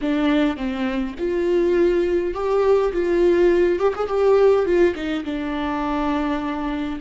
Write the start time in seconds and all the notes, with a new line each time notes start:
0.01 D4
0.57 C4
1.18 F4
2.34 G4
2.92 F4
3.79 G4
3.95 G#4
4.07 G4
4.65 F4
4.95 D#4
5.24 D4